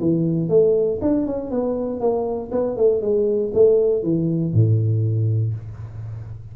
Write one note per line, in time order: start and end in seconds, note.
0.00 0.49 E3
0.49 0.99 A3
1.01 1.26 D4
1.26 1.51 C#4
1.51 2.00 B3
2.00 2.50 A#3
2.51 2.76 B3
2.76 3.01 A3
3.01 3.52 G#3
3.53 4.03 A3
4.03 4.53 E3
4.53 5.54 A2